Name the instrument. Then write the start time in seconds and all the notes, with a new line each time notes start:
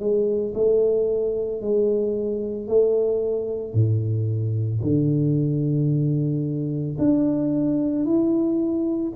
tuba
0.00 G#3
0.55 A3
1.62 G#3
2.68 A3
3.74 A2
4.83 D3
6.99 D4
8.06 E4